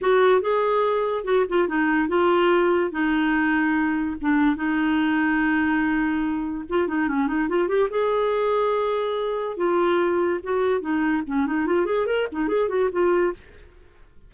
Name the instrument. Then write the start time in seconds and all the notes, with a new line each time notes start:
clarinet
0.01 F#4
0.41 G#4
1.24 F#4
1.48 F4
1.67 D#4
2.08 F4
2.91 D#4
4.21 D4
4.55 D#4
6.69 F4
6.87 D#4
7.08 C#4
7.27 D#4
7.48 F4
7.67 G4
7.90 G#4
9.56 F4
10.43 F#4
10.80 D#4
11.26 C#4
11.46 D#4
11.66 F4
11.85 G#4
12.06 A#4
12.32 D#4
12.48 G#4
12.68 F#4
12.91 F4